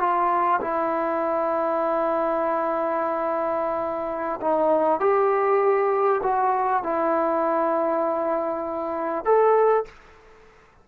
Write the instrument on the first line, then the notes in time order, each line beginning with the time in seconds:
trombone
0.00 F4
0.62 E4
4.42 D#4
5.01 G4
6.23 F#4
6.84 E4
9.25 A4